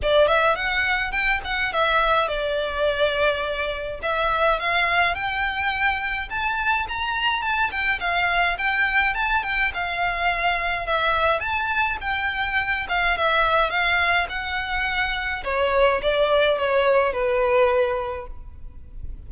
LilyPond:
\new Staff \with { instrumentName = "violin" } { \time 4/4 \tempo 4 = 105 d''8 e''8 fis''4 g''8 fis''8 e''4 | d''2. e''4 | f''4 g''2 a''4 | ais''4 a''8 g''8 f''4 g''4 |
a''8 g''8 f''2 e''4 | a''4 g''4. f''8 e''4 | f''4 fis''2 cis''4 | d''4 cis''4 b'2 | }